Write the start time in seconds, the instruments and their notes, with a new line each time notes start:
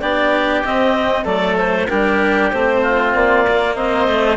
0.00 bassoon B3, cello D4, oboe G4, clarinet D5
0.65 cello C4, bassoon C4, clarinet D#5
1.24 bassoon F#3, cello A3, oboe A4, clarinet D5
1.58 clarinet C5
1.89 bassoon G3, cello D4, oboe G4, clarinet A#4
2.51 bassoon A3, cello C4, clarinet C5
2.83 oboe F4
3.15 bassoon A#3, clarinet D5
3.48 cello A#3
3.76 bassoon C4, oboe C5, clarinet D#5
4.08 cello A3